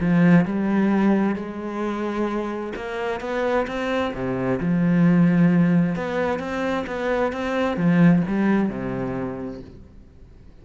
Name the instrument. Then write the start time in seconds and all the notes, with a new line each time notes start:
cello
0.00 F3
0.45 G3
1.35 G#3
2.75 A#3
3.20 B3
3.67 C4
4.13 C3
4.60 F3
5.95 B3
6.39 C4
6.86 B3
7.32 C4
7.76 F3
8.27 G3
8.69 C3